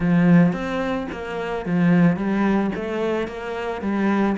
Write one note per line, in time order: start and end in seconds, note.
0.00 0.52 F3
0.52 1.07 C4
1.12 1.65 A#3
1.65 2.16 F3
2.16 2.70 G3
2.75 3.27 A3
3.27 3.81 A#3
3.81 4.36 G3